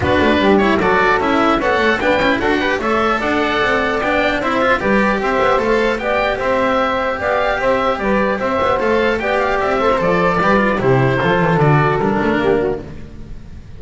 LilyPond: <<
  \new Staff \with { instrumentName = "oboe" } { \time 4/4 \tempo 4 = 150 b'4. cis''8 d''4 e''4 | fis''4 g''4 fis''4 e''4 | fis''2 g''4 e''4 | d''4 e''4 f''4 g''4 |
e''2 f''4 e''4 | d''4 e''4 f''4 g''8 f''8 | e''4 d''2 c''4~ | c''4 d''4 ais'2 | }
  \new Staff \with { instrumentName = "saxophone" } { \time 4/4 fis'4 g'4 a'2 | cis''4 b'4 a'8 b'8 cis''4 | d''2. c''4 | b'4 c''2 d''4 |
c''2 d''4 c''4 | b'4 c''2 d''4~ | d''8 c''4. b'4 g'4 | a'2. g'8 fis'8 | }
  \new Staff \with { instrumentName = "cello" } { \time 4/4 d'4. e'8 fis'4 e'4 | a'4 d'8 e'8 fis'8 g'8 a'4~ | a'2 d'4 e'8 f'8 | g'2 a'4 g'4~ |
g'1~ | g'2 a'4 g'4~ | g'8 a'16 ais'16 a'4 g'8 f'8 e'4 | f'4 fis'4 d'2 | }
  \new Staff \with { instrumentName = "double bass" } { \time 4/4 b8 a8 g4 fis4 cis'4 | b8 a8 b8 cis'8 d'4 a4 | d'4 c'4 b4 c'4 | g4 c'8 b8 a4 b4 |
c'2 b4 c'4 | g4 c'8 b8 a4 b4 | c'4 f4 g4 c4 | f8 e8 d4 g8 a8 ais4 | }
>>